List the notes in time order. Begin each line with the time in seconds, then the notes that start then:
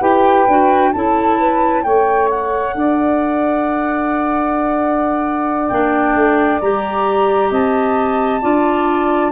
0.00 E4 G4 B4 G5
0.48 D4 F#4
0.93 C#4 E4 A4 A5
1.38 B4
1.84 A3 A4 C#5 G5
2.30 F#5
2.75 D4 D5
5.69 A#3 D4 G5
6.15 A3
6.61 G3 G4 A#5
7.51 C4 D#5 A5
8.41 D4 F4 D5